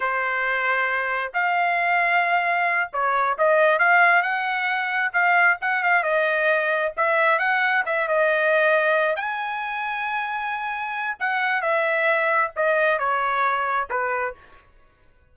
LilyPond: \new Staff \with { instrumentName = "trumpet" } { \time 4/4 \tempo 4 = 134 c''2. f''4~ | f''2~ f''8 cis''4 dis''8~ | dis''8 f''4 fis''2 f''8~ | f''8 fis''8 f''8 dis''2 e''8~ |
e''8 fis''4 e''8 dis''2~ | dis''8 gis''2.~ gis''8~ | gis''4 fis''4 e''2 | dis''4 cis''2 b'4 | }